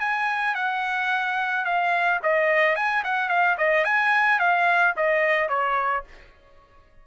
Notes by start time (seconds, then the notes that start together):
0.00 G#5
0.55 F#5
1.65 F5
2.23 D#5
2.76 G#5
3.04 F#5
3.29 F5
3.58 D#5
3.85 G#5
4.40 F5
4.97 D#5
5.49 C#5